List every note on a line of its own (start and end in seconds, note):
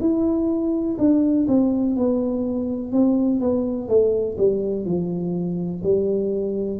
0.00 0.97 E4
0.98 1.46 D4
1.47 1.96 C4
1.96 2.92 B3
2.92 3.40 C4
3.40 3.88 B3
3.88 4.36 A3
4.37 4.85 G3
4.85 5.82 F3
5.83 6.80 G3